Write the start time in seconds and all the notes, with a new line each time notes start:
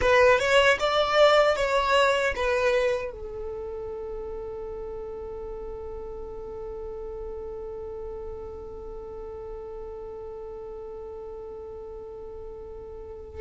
0.01 B4
0.39 C#5
0.79 D5
1.55 C#5
2.35 B4
3.12 A4